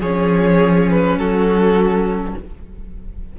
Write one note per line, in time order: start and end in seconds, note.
0.00 1.16 F3
0.00 2.39 C#4
0.00 1.18 G#4
0.00 0.90 C#5
0.91 1.18 B4
1.16 2.34 F#3
1.16 2.35 F#4
1.16 2.36 A4